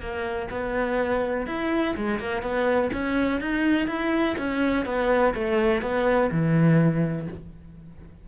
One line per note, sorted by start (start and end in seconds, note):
0.00 0.48 A#3
0.50 1.46 B3
1.46 1.94 E4
1.96 2.19 G#3
2.19 2.42 A#3
2.42 2.90 B3
2.92 3.40 C#4
3.40 3.87 D#4
3.87 4.35 E4
4.37 4.85 C#4
4.85 5.33 B3
5.34 5.81 A3
5.81 6.30 B3
6.31 7.28 E3